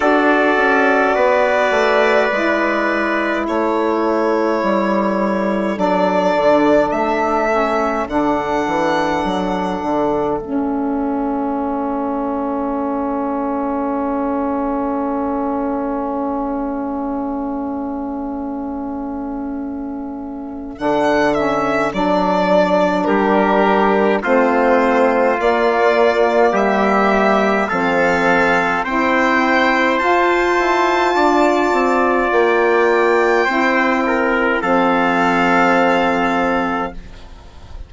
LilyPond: <<
  \new Staff \with { instrumentName = "violin" } { \time 4/4 \tempo 4 = 52 d''2. cis''4~ | cis''4 d''4 e''4 fis''4~ | fis''4 e''2.~ | e''1~ |
e''2 fis''8 e''8 d''4 | ais'4 c''4 d''4 e''4 | f''4 g''4 a''2 | g''2 f''2 | }
  \new Staff \with { instrumentName = "trumpet" } { \time 4/4 a'4 b'2 a'4~ | a'1~ | a'1~ | a'1~ |
a'1 | g'4 f'2 g'4 | a'4 c''2 d''4~ | d''4 c''8 ais'8 a'2 | }
  \new Staff \with { instrumentName = "saxophone" } { \time 4/4 fis'2 e'2~ | e'4 d'4. cis'8 d'4~ | d'4 cis'2.~ | cis'1~ |
cis'2 d'8 cis'8 d'4~ | d'4 c'4 ais2 | c'4 e'4 f'2~ | f'4 e'4 c'2 | }
  \new Staff \with { instrumentName = "bassoon" } { \time 4/4 d'8 cis'8 b8 a8 gis4 a4 | g4 fis8 d8 a4 d8 e8 | fis8 d8 a2.~ | a1~ |
a2 d4 fis4 | g4 a4 ais4 g4 | f4 c'4 f'8 e'8 d'8 c'8 | ais4 c'4 f2 | }
>>